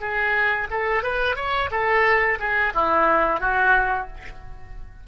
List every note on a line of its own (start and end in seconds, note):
0.00 0.67 G#4
0.70 1.03 A4
1.03 1.35 B4
1.35 1.69 C#5
1.71 2.38 A4
2.39 2.73 G#4
2.74 3.40 E4
3.40 4.07 F#4